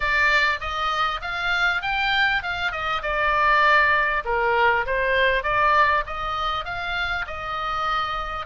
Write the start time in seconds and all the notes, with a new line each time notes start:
0.00 D5
0.60 D#5
1.21 F5
1.82 G5
2.42 F5
2.71 D#5
3.02 D5
4.25 A#4
4.85 C5
5.43 D5
6.06 D#5
6.64 F5
7.26 D#5